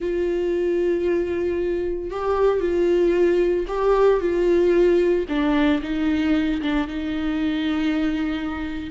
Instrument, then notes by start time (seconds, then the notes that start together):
viola
0.00 F4
2.11 G4
2.60 F4
3.67 G4
4.20 F4
5.28 D4
5.82 D#4
6.61 D4
6.87 D#4